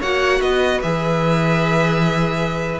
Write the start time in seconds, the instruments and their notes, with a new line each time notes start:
0.00 cello A#3, viola F#4, violin C#5 F#5
0.41 cello B3, violin B4 D#5
0.82 cello E3, viola G#4, violin E5